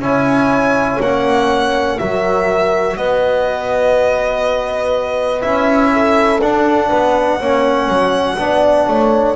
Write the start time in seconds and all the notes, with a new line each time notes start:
0.00 C#4 E4 C#5 G#5
1.01 A#3 C#4 F#5
1.99 F#3 F#4 A#4 E5
2.97 B3 B4 D#5
5.42 C#4 E4 E5
5.93 A4
6.41 D4 F#5
6.90 B3 B4
7.39 A#3 C#4 C#5
7.89 F#3
8.38 B3 D4 D5
8.88 A3 C#5